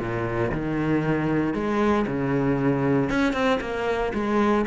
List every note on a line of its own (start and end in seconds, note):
0.00 0.52 A#2
0.52 1.54 D#3
1.54 2.06 G#3
2.08 3.10 C#3
3.10 3.34 C#4
3.34 3.59 C4
3.61 4.13 A#3
4.14 4.66 G#3